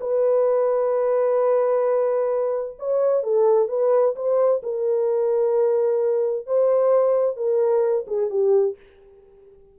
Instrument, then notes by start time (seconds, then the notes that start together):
horn
0.00 B4
2.78 C#5
3.23 A4
3.68 B4
4.15 C5
4.62 A#4
6.46 C5
7.36 A#4
8.07 G#4
8.30 G4